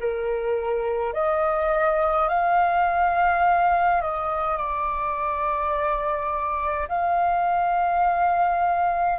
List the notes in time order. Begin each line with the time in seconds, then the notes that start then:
0.00 A#4
1.13 D#5
2.28 F5
4.01 D#5
4.57 D5
6.88 F5